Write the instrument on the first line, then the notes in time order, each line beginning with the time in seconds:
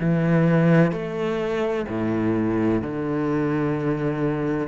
cello
0.00 E3
0.92 A3
1.88 A2
2.82 D3